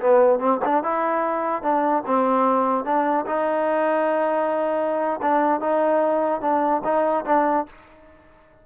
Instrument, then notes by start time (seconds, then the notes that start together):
trombone
0.00 B3
0.39 C4
0.64 D4
0.83 E4
1.62 D4
2.06 C4
2.84 D4
3.26 D#4
5.21 D4
5.60 D#4
6.41 D4
6.84 D#4
7.25 D4